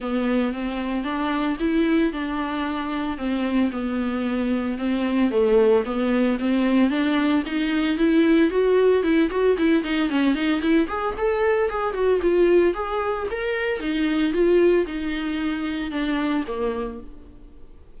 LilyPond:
\new Staff \with { instrumentName = "viola" } { \time 4/4 \tempo 4 = 113 b4 c'4 d'4 e'4 | d'2 c'4 b4~ | b4 c'4 a4 b4 | c'4 d'4 dis'4 e'4 |
fis'4 e'8 fis'8 e'8 dis'8 cis'8 dis'8 | e'8 gis'8 a'4 gis'8 fis'8 f'4 | gis'4 ais'4 dis'4 f'4 | dis'2 d'4 ais4 | }